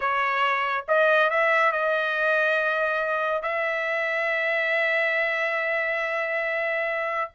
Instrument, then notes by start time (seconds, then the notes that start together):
trumpet
0.00 C#5
0.88 D#5
1.29 E5
1.71 D#5
3.42 E5